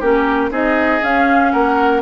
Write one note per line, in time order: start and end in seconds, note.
0.00 0.51 A#3
0.00 0.51 C#4
0.00 0.50 G4
0.00 0.53 A#4
0.51 1.01 C4
0.51 1.01 D#4
0.51 1.53 G#4
0.51 1.04 D#5
1.03 1.53 C#4
1.03 2.03 C#4
1.03 1.52 F5
1.52 2.03 A#3
1.52 2.03 A#4
1.52 2.02 F#5